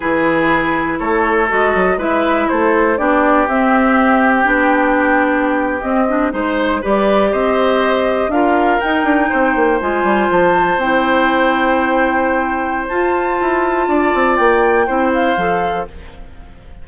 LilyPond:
<<
  \new Staff \with { instrumentName = "flute" } { \time 4/4 \tempo 4 = 121 b'2 cis''4 dis''4 | e''4 c''4 d''4 e''4~ | e''8. g''2. dis''16~ | dis''8. c''4 d''4 dis''4~ dis''16~ |
dis''8. f''4 g''2 gis''16~ | gis''8. a''4 g''2~ g''16~ | g''2 a''2~ | a''4 g''4. f''4. | }
  \new Staff \with { instrumentName = "oboe" } { \time 4/4 gis'2 a'2 | b'4 a'4 g'2~ | g'1~ | g'8. c''4 b'4 c''4~ c''16~ |
c''8. ais'2 c''4~ c''16~ | c''1~ | c''1 | d''2 c''2 | }
  \new Staff \with { instrumentName = "clarinet" } { \time 4/4 e'2. fis'4 | e'2 d'4 c'4~ | c'4 d'2~ d'8. c'16~ | c'16 d'8 dis'4 g'2~ g'16~ |
g'8. f'4 dis'2 f'16~ | f'4.~ f'16 e'2~ e'16~ | e'2 f'2~ | f'2 e'4 a'4 | }
  \new Staff \with { instrumentName = "bassoon" } { \time 4/4 e2 a4 gis8 fis8 | gis4 a4 b4 c'4~ | c'4 b2~ b8. c'16~ | c'8. gis4 g4 c'4~ c'16~ |
c'8. d'4 dis'8 d'8 c'8 ais8 gis16~ | gis16 g8 f4 c'2~ c'16~ | c'2 f'4 e'4 | d'8 c'8 ais4 c'4 f4 | }
>>